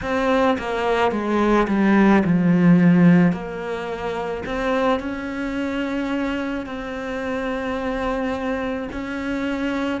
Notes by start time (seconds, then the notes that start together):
0.02 C4
0.58 A#3
1.11 G#3
1.67 G3
2.24 F3
3.32 A#3
4.45 C4
4.99 C#4
6.66 C4
8.91 C#4